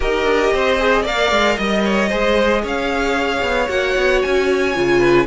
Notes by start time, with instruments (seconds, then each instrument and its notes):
0.00 cello D#4, viola G4, violin A#4 D#5
0.23 cello D4
0.53 cello C4, violin C5
0.78 viola G#4
1.02 cello A#3, viola A#4, violin D5 F5
1.31 cello G#3
1.56 cello G3, violin D#5
1.84 violin C#5
2.09 cello G#3, viola G#4, violin C5
2.62 cello C#4, violin C#5 F5
3.41 cello B3
3.68 cello A#3, viola F#4, violin F#5
3.96 cello B3
4.21 cello C#4, violin G#5
4.75 cello C#3, viola F4
4.99 violin B4